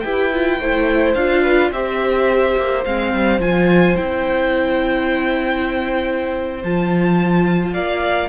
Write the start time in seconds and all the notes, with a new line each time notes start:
0.00 E4 G4 B4 G5
0.32 F4
0.58 A3 E4 C5
1.14 D4 F4 F5
1.43 B4
1.70 C4 G4 C5 E5
2.56 A#3
2.84 G#3 C4 F5
3.13 G3
3.39 F3 F4 G#5
3.96 C4 E4 G5
6.63 F3 F4 A5
7.73 A#3 D5 F5